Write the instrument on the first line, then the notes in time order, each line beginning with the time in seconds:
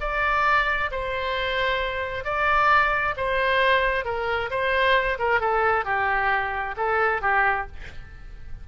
oboe
0.00 D5
0.91 C5
2.24 D5
3.17 C5
4.05 A#4
4.50 C5
5.18 A#4
5.40 A4
5.85 G4
6.76 A4
7.21 G4